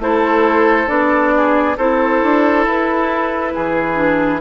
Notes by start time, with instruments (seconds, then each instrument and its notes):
0.00 bassoon A3, clarinet E4, oboe A4, flute C5
0.88 bassoon B3, clarinet D4, flute D5
1.36 oboe G#4
1.77 bassoon C4, clarinet E4, oboe A4, flute C5
2.23 bassoon D4
2.66 bassoon E4, flute B4
3.55 bassoon E3, oboe G#4
3.96 clarinet D4